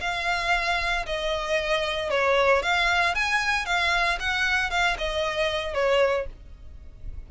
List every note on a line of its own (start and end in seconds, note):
0.00 1.05 F5
1.06 2.10 D#5
2.10 2.62 C#5
2.62 3.15 F5
3.15 3.66 G#5
3.66 4.18 F5
4.19 4.70 F#5
4.70 4.96 F5
4.98 5.74 D#5
5.74 6.26 C#5